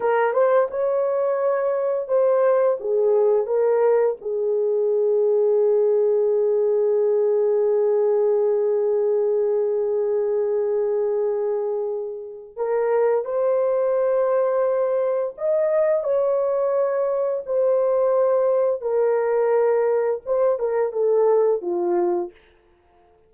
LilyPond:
\new Staff \with { instrumentName = "horn" } { \time 4/4 \tempo 4 = 86 ais'8 c''8 cis''2 c''4 | gis'4 ais'4 gis'2~ | gis'1~ | gis'1~ |
gis'2 ais'4 c''4~ | c''2 dis''4 cis''4~ | cis''4 c''2 ais'4~ | ais'4 c''8 ais'8 a'4 f'4 | }